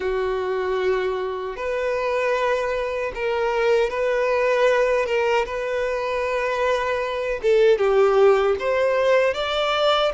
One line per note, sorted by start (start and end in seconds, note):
0.00 1.56 F#4
1.56 3.12 B4
3.15 3.90 A#4
3.90 5.06 B4
5.06 5.45 A#4
5.45 7.40 B4
7.42 7.77 A4
7.77 8.55 G4
8.59 9.34 C5
9.34 10.12 D5